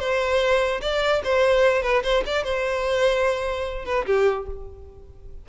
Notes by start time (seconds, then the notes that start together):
0.00 C5
0.82 D5
1.24 C5
1.83 B4
2.04 C5
2.26 D5
2.44 C5
3.86 B4
4.06 G4